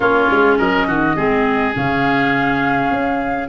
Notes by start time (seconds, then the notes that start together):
0.00 A#3 C#4 F4 C#5
0.30 G#3
0.58 F#3 A#4 D#5
0.87 D#3 F#4
1.15 G#3 C4 G#4
1.73 C#3 C#4 F5
2.90 C#4